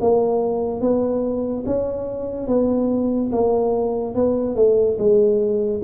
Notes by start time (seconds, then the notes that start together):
0.00 A#3
0.80 B3
1.66 C#4
2.47 B3
3.31 A#3
4.15 B3
4.55 A3
4.98 G#3